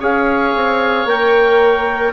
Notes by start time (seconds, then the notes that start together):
0.00 C#4 G#4 C#5 F5
0.55 C4
1.05 A#3 A#4 G5